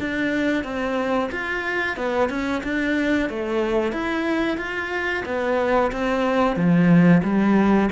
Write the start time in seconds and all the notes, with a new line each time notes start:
0.00 D4
0.64 C4
1.32 F4
1.97 B3
2.30 C#4
2.64 D4
3.30 A3
3.93 E4
4.58 F4
5.26 B3
5.92 C4
6.56 F3
7.23 G3